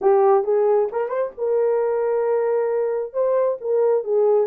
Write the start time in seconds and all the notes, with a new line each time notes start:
0.01 G4
0.44 G#4
0.92 A#4
1.08 C5
1.37 A#4
3.13 C5
3.60 A#4
4.03 G#4